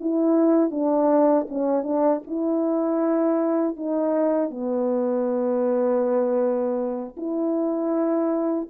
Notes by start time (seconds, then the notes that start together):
0.00 E4
0.71 D4
1.49 C#4
1.83 D4
2.27 E4
3.76 D#4
4.50 B3
7.17 E4